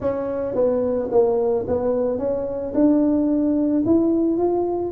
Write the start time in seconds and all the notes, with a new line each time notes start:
0.00 C#4
0.54 B3
1.11 A#3
1.67 B3
2.18 C#4
2.74 D4
3.85 E4
4.37 F4